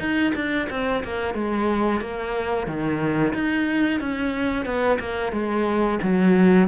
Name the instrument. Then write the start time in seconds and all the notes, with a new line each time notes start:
cello
0.00 D#4
0.35 D4
0.70 C4
1.04 A#3
1.35 G#3
2.01 A#3
2.67 D#3
3.34 D#4
4.01 C#4
4.66 B3
5.00 A#3
5.33 G#3
6.03 F#3